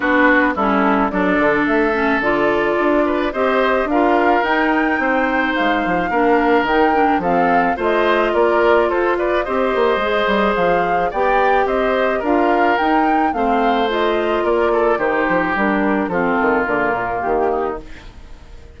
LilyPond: <<
  \new Staff \with { instrumentName = "flute" } { \time 4/4 \tempo 4 = 108 b'4 a'4 d''4 e''4 | d''2 dis''4 f''4 | g''2 f''2 | g''4 f''4 dis''4 d''4 |
c''8 d''8 dis''2 f''4 | g''4 dis''4 f''4 g''4 | f''4 dis''4 d''4 c''4 | ais'4 a'4 ais'4 g'4 | }
  \new Staff \with { instrumentName = "oboe" } { \time 4/4 fis'4 e'4 a'2~ | a'4. b'8 c''4 ais'4~ | ais'4 c''2 ais'4~ | ais'4 a'4 c''4 ais'4 |
a'8 b'8 c''2. | d''4 c''4 ais'2 | c''2 ais'8 a'8 g'4~ | g'4 f'2~ f'8 dis'8 | }
  \new Staff \with { instrumentName = "clarinet" } { \time 4/4 d'4 cis'4 d'4. cis'8 | f'2 g'4 f'4 | dis'2. d'4 | dis'8 d'8 c'4 f'2~ |
f'4 g'4 gis'2 | g'2 f'4 dis'4 | c'4 f'2 dis'4 | d'4 c'4 ais2 | }
  \new Staff \with { instrumentName = "bassoon" } { \time 4/4 b4 g4 fis8 d8 a4 | d4 d'4 c'4 d'4 | dis'4 c'4 gis8 f8 ais4 | dis4 f4 a4 ais4 |
f'4 c'8 ais8 gis8 g8 f4 | b4 c'4 d'4 dis'4 | a2 ais4 dis8 f8 | g4 f8 dis8 d8 ais,8 dis4 | }
>>